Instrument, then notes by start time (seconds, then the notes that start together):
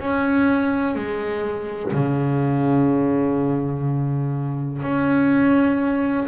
double bass
0.00 C#4
0.95 G#3
1.93 C#3
4.83 C#4